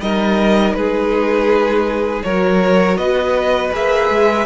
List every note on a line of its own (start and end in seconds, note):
0.00 0.74 G3
0.00 2.24 D#4
0.00 0.77 A#4
0.00 0.74 D#5
0.74 2.23 G#3
0.74 2.25 G#4
0.74 2.23 B4
2.23 2.98 F#3
2.23 3.72 F#4
2.23 2.98 A#4
2.23 2.97 C#5
2.97 3.72 B3
2.97 4.46 B4
2.97 3.71 D#5
3.72 4.10 A#3
3.72 4.46 G#4
3.72 4.46 E5
4.10 4.46 G#3